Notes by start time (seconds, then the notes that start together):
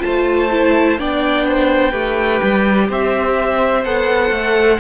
0.00 F4 C5 A5
0.07 A3
0.51 E4
0.99 B3 D4 D5 G5
1.48 C5
1.92 A3 G4 B4
2.43 G3
2.90 C4 C5 E5
3.85 B3 A4 F#5
4.31 A3